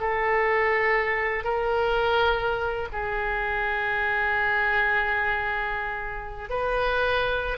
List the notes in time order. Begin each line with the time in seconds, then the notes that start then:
0.00 A4
1.44 A#4
2.92 G#4
6.49 B4